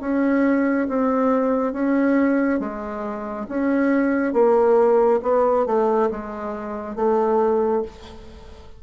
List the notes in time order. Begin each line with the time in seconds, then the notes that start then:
0.00 C#4
0.88 C4
1.72 C#4
2.59 G#3
3.48 C#4
4.33 A#3
5.22 B3
5.66 A3
6.11 G#3
6.95 A3